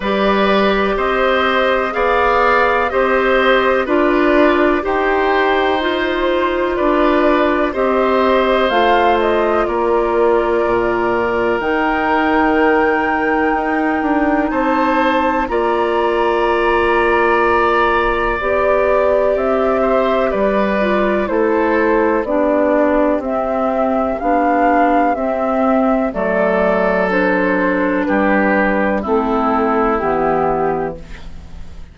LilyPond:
<<
  \new Staff \with { instrumentName = "flute" } { \time 4/4 \tempo 4 = 62 d''4 dis''4 f''4 dis''4 | d''4 g''4 c''4 d''4 | dis''4 f''8 dis''8 d''2 | g''2. a''4 |
ais''2. d''4 | e''4 d''4 c''4 d''4 | e''4 f''4 e''4 d''4 | c''4 b'4 a'4 g'4 | }
  \new Staff \with { instrumentName = "oboe" } { \time 4/4 b'4 c''4 d''4 c''4 | b'4 c''2 b'4 | c''2 ais'2~ | ais'2. c''4 |
d''1~ | d''8 c''8 b'4 a'4 g'4~ | g'2. a'4~ | a'4 g'4 e'2 | }
  \new Staff \with { instrumentName = "clarinet" } { \time 4/4 g'2 gis'4 g'4 | f'4 g'4 f'2 | g'4 f'2. | dis'1 |
f'2. g'4~ | g'4. f'8 e'4 d'4 | c'4 d'4 c'4 a4 | d'2 c'4 b4 | }
  \new Staff \with { instrumentName = "bassoon" } { \time 4/4 g4 c'4 b4 c'4 | d'4 dis'2 d'4 | c'4 a4 ais4 ais,4 | dis2 dis'8 d'8 c'4 |
ais2. b4 | c'4 g4 a4 b4 | c'4 b4 c'4 fis4~ | fis4 g4 a4 e4 | }
>>